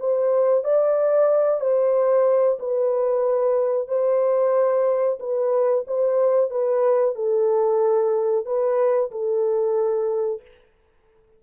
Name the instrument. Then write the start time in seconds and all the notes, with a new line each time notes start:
horn
0.00 C5
0.65 D5
1.61 C5
2.59 B4
3.88 C5
5.20 B4
5.88 C5
6.51 B4
7.16 A4
8.46 B4
9.12 A4